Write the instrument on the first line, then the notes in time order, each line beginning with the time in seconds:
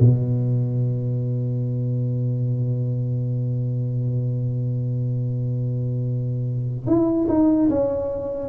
tuba
0.00 B2
6.87 E4
7.29 D#4
7.70 C#4